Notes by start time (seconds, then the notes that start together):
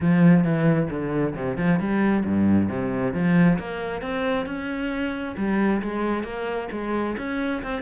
0.00 F3
0.44 E3
0.90 D3
1.35 C3
1.57 F3
1.79 G3
2.25 G2
2.68 C3
3.13 F3
3.59 A#3
4.01 C4
4.46 C#4
5.36 G3
5.81 G#3
6.23 A#3
6.71 G#3
7.17 C#4
7.62 C4